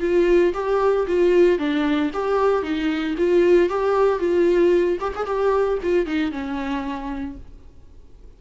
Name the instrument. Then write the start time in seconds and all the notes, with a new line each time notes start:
viola
0.00 F4
0.53 G4
1.07 F4
1.58 D4
2.13 G4
2.62 D#4
3.17 F4
3.69 G4
4.19 F4
5.00 G4
5.15 G#4
5.25 G4
5.83 F4
6.06 D#4
6.31 C#4